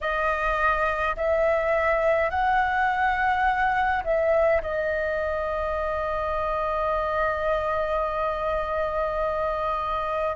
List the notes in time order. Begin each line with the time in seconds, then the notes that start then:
0.00 D#5
1.16 E5
2.30 F#5
4.04 E5
4.62 D#5